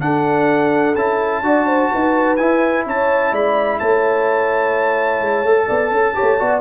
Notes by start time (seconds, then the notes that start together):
0.00 D4 A4 F#5
0.94 C#4 E4 A5
1.42 D4 F#4 D5
1.66 C5
1.91 D#4 B4
2.36 E4 G#5
2.86 C#4 C#5 A5
3.31 G#3 D5 B5
3.79 A3 C#5 A5
5.20 G#3
5.43 A3 A4
5.67 B3 D5
5.91 C#4 A4
6.14 G4 C#5
6.21 A3
6.38 B3 F#4 D5